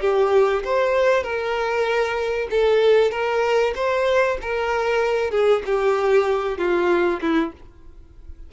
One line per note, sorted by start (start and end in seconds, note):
0.00 0.62 G4
0.64 1.23 C5
1.23 2.48 A#4
2.50 3.11 A4
3.11 3.73 A#4
3.75 4.37 C5
4.41 5.31 A#4
5.31 5.62 G#4
5.65 6.58 G4
6.58 7.20 F4
7.21 7.52 E4